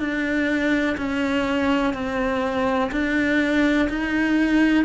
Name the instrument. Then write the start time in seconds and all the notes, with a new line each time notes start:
cello
0.00 D4
0.98 C#4
1.94 C4
2.92 D4
3.89 D#4